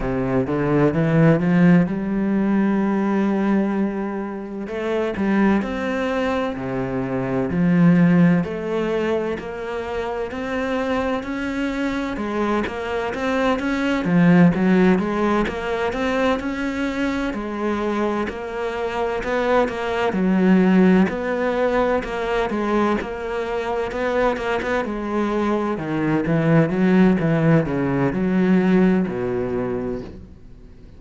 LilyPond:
\new Staff \with { instrumentName = "cello" } { \time 4/4 \tempo 4 = 64 c8 d8 e8 f8 g2~ | g4 a8 g8 c'4 c4 | f4 a4 ais4 c'4 | cis'4 gis8 ais8 c'8 cis'8 f8 fis8 |
gis8 ais8 c'8 cis'4 gis4 ais8~ | ais8 b8 ais8 fis4 b4 ais8 | gis8 ais4 b8 ais16 b16 gis4 dis8 | e8 fis8 e8 cis8 fis4 b,4 | }